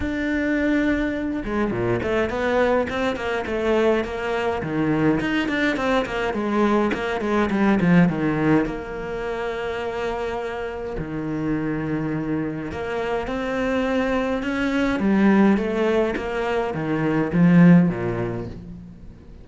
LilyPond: \new Staff \with { instrumentName = "cello" } { \time 4/4 \tempo 4 = 104 d'2~ d'8 gis8 ais,8 a8 | b4 c'8 ais8 a4 ais4 | dis4 dis'8 d'8 c'8 ais8 gis4 | ais8 gis8 g8 f8 dis4 ais4~ |
ais2. dis4~ | dis2 ais4 c'4~ | c'4 cis'4 g4 a4 | ais4 dis4 f4 ais,4 | }